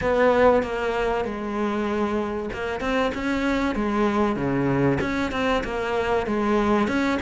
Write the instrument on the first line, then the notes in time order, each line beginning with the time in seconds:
cello
0.01 B3
0.62 A#3
1.24 G#3
2.53 A#3
2.80 C4
3.14 C#4
3.75 G#3
4.36 C#3
5.01 C#4
5.31 C4
5.64 A#3
6.26 G#3
6.87 C#4